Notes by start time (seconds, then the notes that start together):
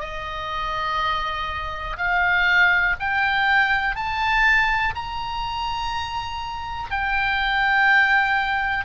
0.00 D#5
1.97 F5
3.00 G5
3.96 A5
4.95 A#5
6.91 G5